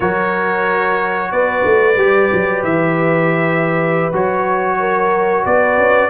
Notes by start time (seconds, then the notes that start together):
0.00 F#3 F#4 A#4 C#5
1.31 B3 B4 D5
1.65 A3
1.96 G3 G4
2.32 F#3
2.63 E3 E5
4.12 F#3 F#4 C#5
4.79 A#4
5.45 B3 B4 D5
5.77 C#4